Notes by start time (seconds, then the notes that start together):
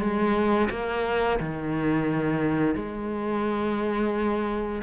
0.00 G#3
0.70 A#3
1.39 D#3
2.75 G#3